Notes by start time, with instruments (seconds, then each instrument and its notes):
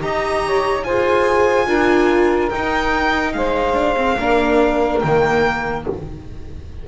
0.00 double bass D#4, viola G4, saxophone D#5, violin A#5
0.45 saxophone C#5
0.83 double bass F4, viola G#4, saxophone C5, violin G#5
1.67 double bass D4, viola F4, saxophone A#4
2.49 viola D#4, double bass D#4, violin G5
3.33 double bass G#3, saxophone C5, violin F5
3.74 viola D4
3.97 viola C4
4.19 double bass A#3, viola D4, saxophone A#4
5.00 double bass D#3, viola A#3, violin G5